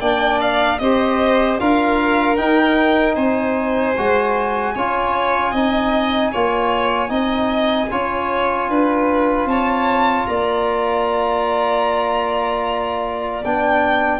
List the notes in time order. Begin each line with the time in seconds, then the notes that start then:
0.00 A#3 D4 D5 G5
0.41 F5
0.78 C4 G4 C5 D#5
1.58 D4 F4 A#4 F5
2.36 D#4 G5
3.14 C4 C5 G#5
3.97 G#3 F#4
4.75 C#4 F4 C#5
5.51 C4 D#4 D#5
6.32 A#3 F4 C#5
7.08 C4 D#4 D#5
7.91 C#4 F4 C#5
8.69 D4 B4
9.45 C4 C#5 A5
10.26 A#3 D5 A#5
13.44 B3 D4 G5